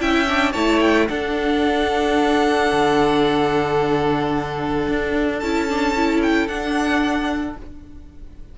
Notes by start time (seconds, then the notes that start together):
0.00 C#4 E4 E5 G5
0.28 D4
0.52 A3 E4 C#5 A5
0.81 G5
1.08 D4 A4 F#5
2.72 D3
4.89 D4
5.40 C#4 E4 A5
5.69 D4
5.97 E4
6.23 G5
6.48 D4 F#5